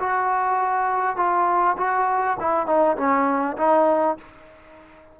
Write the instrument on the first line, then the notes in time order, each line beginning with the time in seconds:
trombone
0.00 F#4
1.17 F4
1.77 F#4
2.40 E4
2.67 D#4
2.97 C#4
3.58 D#4